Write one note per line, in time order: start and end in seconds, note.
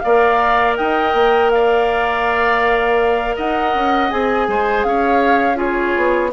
0.00 0.79 A#3
0.00 0.78 D5
0.00 0.74 F5
0.07 4.11 A#4
0.77 1.14 D#4
0.77 1.52 D#5
0.77 1.51 G5
1.14 3.36 A#3
1.51 3.36 D5
1.51 3.36 F5
3.36 3.75 D#4
3.36 4.48 D#5
3.36 4.11 F#5
3.75 4.12 C#4
4.11 4.48 C4
4.11 5.56 G#4
4.11 4.84 G#5
4.48 4.85 G#3
4.48 4.87 C5
4.84 5.96 C#4
4.84 5.58 C#5
4.84 5.58 F5
5.56 6.30 F4
5.56 6.32 G#4
5.56 6.32 C#5
5.97 6.33 B3